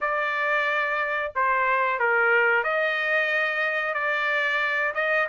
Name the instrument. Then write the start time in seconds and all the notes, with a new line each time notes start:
trumpet
0.01 D5
1.35 C5
1.99 A#4
2.63 D#5
3.94 D5
4.94 D#5